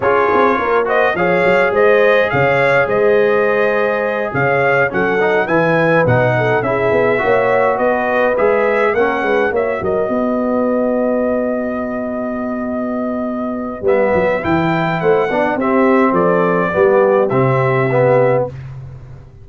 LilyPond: <<
  \new Staff \with { instrumentName = "trumpet" } { \time 4/4 \tempo 4 = 104 cis''4. dis''8 f''4 dis''4 | f''4 dis''2~ dis''8 f''8~ | f''8 fis''4 gis''4 fis''4 e''8~ | e''4. dis''4 e''4 fis''8~ |
fis''8 e''8 dis''2.~ | dis''1 | e''4 g''4 fis''4 e''4 | d''2 e''2 | }
  \new Staff \with { instrumentName = "horn" } { \time 4/4 gis'4 ais'8 c''8 cis''4 c''4 | cis''4 c''2~ c''8 cis''8~ | cis''8 a'4 b'4. a'8 gis'8~ | gis'8 cis''4 b'2 ais'8 |
b'8 cis''8 ais'8 b'2~ b'8~ | b'1~ | b'2 c''8 d''8 g'4 | a'4 g'2. | }
  \new Staff \with { instrumentName = "trombone" } { \time 4/4 f'4. fis'8 gis'2~ | gis'1~ | gis'8 cis'8 dis'8 e'4 dis'4 e'8~ | e'8 fis'2 gis'4 cis'8~ |
cis'8 fis'2.~ fis'8~ | fis'1 | b4 e'4. d'8 c'4~ | c'4 b4 c'4 b4 | }
  \new Staff \with { instrumentName = "tuba" } { \time 4/4 cis'8 c'8 ais4 f8 fis8 gis4 | cis4 gis2~ gis8 cis8~ | cis8 fis4 e4 b,4 cis'8 | b8 ais4 b4 gis4 ais8 |
gis8 ais8 fis8 b2~ b8~ | b1 | g8 fis8 e4 a8 b8 c'4 | f4 g4 c2 | }
>>